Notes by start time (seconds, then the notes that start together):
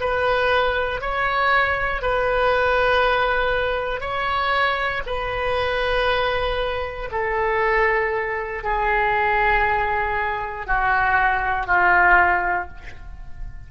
0.00 B4
1.01 C#5
2.02 B4
4.00 C#5
5.06 B4
7.11 A4
8.63 G#4
10.66 F#4
11.66 F4